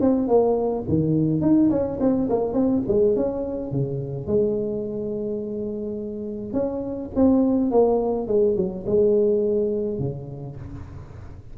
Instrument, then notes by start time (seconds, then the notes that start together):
tuba
0.00 C4
0.27 A#3
0.88 D#3
1.41 D#4
1.70 C#4
2.00 C4
2.29 A#3
2.53 C4
2.87 G#3
3.16 C#4
3.71 C#3
4.26 G#3
6.53 C#4
7.15 C4
7.71 A#3
8.27 G#3
8.56 F#3
8.86 G#3
9.98 C#3